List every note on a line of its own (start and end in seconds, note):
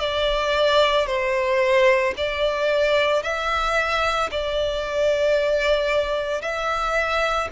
0.00 1.07 D5
1.07 2.14 C5
2.17 3.22 D5
3.22 4.30 E5
4.31 6.41 D5
6.41 7.49 E5